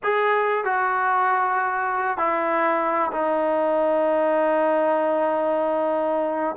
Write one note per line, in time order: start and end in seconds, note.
0.03 0.64 G#4
0.64 2.17 F#4
2.17 3.11 E4
3.12 6.55 D#4